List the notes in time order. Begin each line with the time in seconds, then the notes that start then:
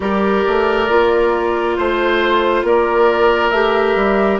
0.00 G3 G4 A#4 D5
0.47 A3
0.89 A#3 F4
1.76 A3 C5
2.63 A#3 A#4 D5
3.50 A3 G4 E5
3.95 G3